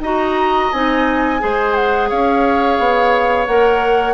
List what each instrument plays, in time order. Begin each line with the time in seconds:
0.00 bassoon D#4, clarinet F#4, oboe D#5, flute A#5
0.72 bassoon C4, clarinet D#4, flute G#5
1.39 bassoon G#3, clarinet G#4, oboe C5
1.74 flute F#5
2.09 bassoon C#4, oboe C#5, flute F5
2.79 bassoon B3
3.47 bassoon A#3, clarinet A#4, flute F#5